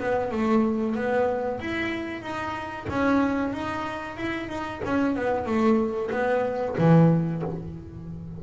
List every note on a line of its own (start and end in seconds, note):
0.00 0.32 B3
0.32 0.96 A3
0.96 1.60 B3
1.60 2.22 E4
2.22 2.87 D#4
2.89 3.53 C#4
3.53 4.18 D#4
4.18 4.49 E4
4.49 4.82 D#4
4.85 5.16 C#4
5.16 5.46 B3
5.46 6.11 A3
6.11 6.76 B3
6.78 7.43 E3